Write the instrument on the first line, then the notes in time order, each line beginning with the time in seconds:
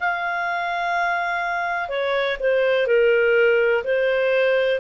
clarinet
0.00 F5
1.89 C#5
2.40 C5
2.87 A#4
3.84 C5